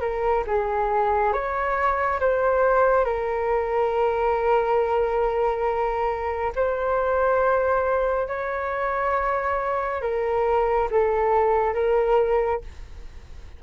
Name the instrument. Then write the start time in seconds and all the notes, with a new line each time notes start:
flute
0.00 A#4
0.47 G#4
1.32 C#5
2.20 C5
3.04 A#4
6.56 C5
8.27 C#5
10.02 A#4
10.91 A4
11.74 A#4